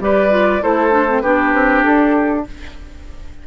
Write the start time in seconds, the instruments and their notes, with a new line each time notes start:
0.00 bassoon G3, clarinet G4, oboe B4, flute D5
0.31 clarinet F4
0.62 bassoon A3, clarinet E4, oboe A4, flute C5
0.91 clarinet D4
1.08 clarinet C4
1.21 bassoon B3, clarinet D4, oboe G4, flute B4
1.54 bassoon C4
1.83 bassoon D4, flute A4